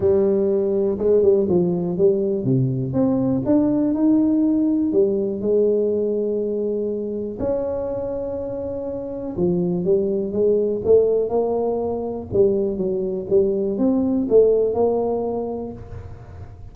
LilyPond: \new Staff \with { instrumentName = "tuba" } { \time 4/4 \tempo 4 = 122 g2 gis8 g8 f4 | g4 c4 c'4 d'4 | dis'2 g4 gis4~ | gis2. cis'4~ |
cis'2. f4 | g4 gis4 a4 ais4~ | ais4 g4 fis4 g4 | c'4 a4 ais2 | }